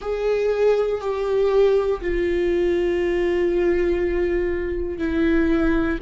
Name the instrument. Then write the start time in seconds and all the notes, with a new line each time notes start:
viola
0.01 G#4
1.00 G4
2.01 F4
4.98 E4